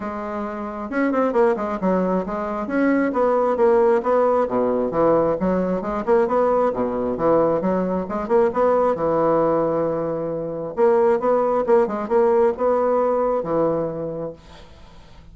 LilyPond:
\new Staff \with { instrumentName = "bassoon" } { \time 4/4 \tempo 4 = 134 gis2 cis'8 c'8 ais8 gis8 | fis4 gis4 cis'4 b4 | ais4 b4 b,4 e4 | fis4 gis8 ais8 b4 b,4 |
e4 fis4 gis8 ais8 b4 | e1 | ais4 b4 ais8 gis8 ais4 | b2 e2 | }